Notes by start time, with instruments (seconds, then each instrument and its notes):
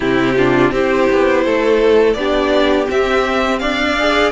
0.00 cello C3, viola C4, violin E4 G4
0.36 viola D4, violin F4
0.71 cello C4, viola E4, violin G4 C5
1.12 cello B3
1.44 cello A3, violin A4
2.13 cello B3, viola D4, violin G4 D5
2.85 viola C4, cello C4, violin E5
3.59 cello D4, violin D5 F5
3.99 viola G#4